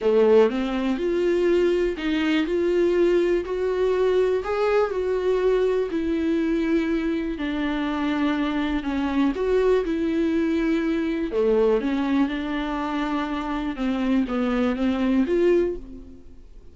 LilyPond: \new Staff \with { instrumentName = "viola" } { \time 4/4 \tempo 4 = 122 a4 c'4 f'2 | dis'4 f'2 fis'4~ | fis'4 gis'4 fis'2 | e'2. d'4~ |
d'2 cis'4 fis'4 | e'2. a4 | cis'4 d'2. | c'4 b4 c'4 f'4 | }